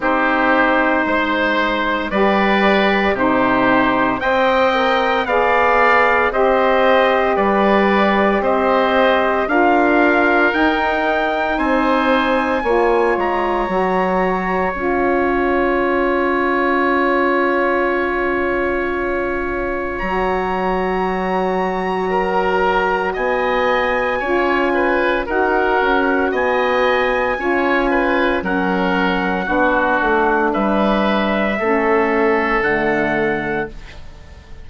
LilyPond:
<<
  \new Staff \with { instrumentName = "trumpet" } { \time 4/4 \tempo 4 = 57 c''2 d''4 c''4 | g''4 f''4 dis''4 d''4 | dis''4 f''4 g''4 gis''4~ | gis''8 ais''4. gis''2~ |
gis''2. ais''4~ | ais''2 gis''2 | fis''4 gis''2 fis''4~ | fis''4 e''2 fis''4 | }
  \new Staff \with { instrumentName = "oboe" } { \time 4/4 g'4 c''4 b'4 g'4 | dis''4 d''4 c''4 b'4 | c''4 ais'2 c''4 | cis''1~ |
cis''1~ | cis''4 ais'4 dis''4 cis''8 b'8 | ais'4 dis''4 cis''8 b'8 ais'4 | fis'4 b'4 a'2 | }
  \new Staff \with { instrumentName = "saxophone" } { \time 4/4 dis'2 g'4 dis'4 | c''8 ais'8 gis'4 g'2~ | g'4 f'4 dis'2 | f'4 fis'4 f'2~ |
f'2. fis'4~ | fis'2. f'4 | fis'2 f'4 cis'4 | d'2 cis'4 a4 | }
  \new Staff \with { instrumentName = "bassoon" } { \time 4/4 c'4 gis4 g4 c4 | c'4 b4 c'4 g4 | c'4 d'4 dis'4 c'4 | ais8 gis8 fis4 cis'2~ |
cis'2. fis4~ | fis2 b4 cis'4 | dis'8 cis'8 b4 cis'4 fis4 | b8 a8 g4 a4 d4 | }
>>